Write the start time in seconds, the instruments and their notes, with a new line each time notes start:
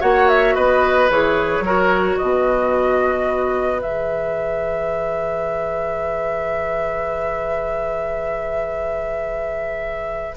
0.00 bassoon A#3, clarinet F#4, oboe C#5, flute F#5
0.28 flute E5
0.55 bassoon B3, oboe B4, flute D#5
1.10 bassoon E3, clarinet G#4, flute C#5
1.60 bassoon F#3, clarinet F#4, oboe A#4
2.17 bassoon B2, oboe B4, flute D#5
3.81 bassoon E3, clarinet G#4, flute E5